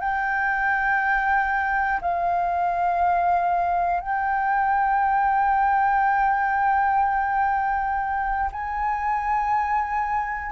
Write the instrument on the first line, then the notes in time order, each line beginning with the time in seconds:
flute
0.00 G5
2.01 F5
4.00 G5
8.52 G#5